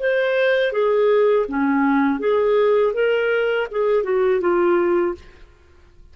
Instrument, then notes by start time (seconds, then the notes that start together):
clarinet
0.00 C5
0.72 G#4
1.48 C#4
2.20 G#4
2.94 A#4
3.71 G#4
4.04 F#4
4.41 F4